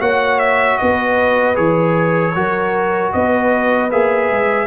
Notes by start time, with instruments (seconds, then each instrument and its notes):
0.00 tuba A#3, trombone F#4, horn C#5, trumpet F#5
0.39 trumpet E5
0.77 tuba B3, horn B4, trumpet D#5
1.55 tuba E3, trombone G#4, trumpet C#5
2.35 tuba F#3, trombone F#4, horn A#4
3.12 tuba B3, horn B4, trumpet D#5
3.91 tuba A#3, trombone G#4, trumpet E5
4.30 tuba G#3